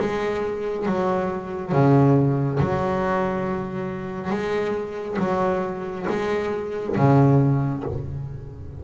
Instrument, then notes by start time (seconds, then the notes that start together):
double bass
0.00 G#3
0.87 F#3
1.72 C#3
2.60 F#3
4.30 G#3
5.19 F#3
6.09 G#3
6.97 C#3